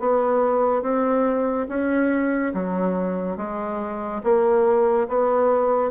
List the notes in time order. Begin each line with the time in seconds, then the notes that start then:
0.00 B3
0.83 C4
1.69 C#4
2.54 F#3
3.37 G#3
4.23 A#3
5.08 B3